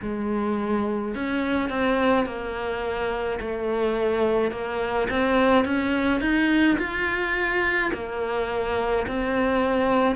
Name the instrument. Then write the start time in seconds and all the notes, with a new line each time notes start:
cello
0.02 G#3
1.14 C#4
1.69 C4
2.26 A#3
3.40 A3
4.51 A#3
5.09 C4
5.64 C#4
6.20 D#4
6.78 F4
7.93 A#3
9.07 C4